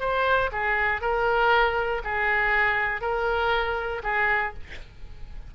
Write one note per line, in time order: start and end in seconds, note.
0.00 0.50 C5
0.52 1.01 G#4
1.01 2.02 A#4
2.04 3.01 G#4
3.01 4.02 A#4
4.03 4.54 G#4